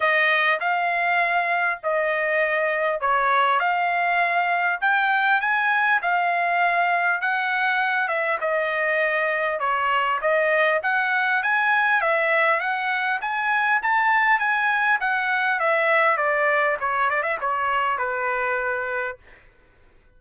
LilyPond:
\new Staff \with { instrumentName = "trumpet" } { \time 4/4 \tempo 4 = 100 dis''4 f''2 dis''4~ | dis''4 cis''4 f''2 | g''4 gis''4 f''2 | fis''4. e''8 dis''2 |
cis''4 dis''4 fis''4 gis''4 | e''4 fis''4 gis''4 a''4 | gis''4 fis''4 e''4 d''4 | cis''8 d''16 e''16 cis''4 b'2 | }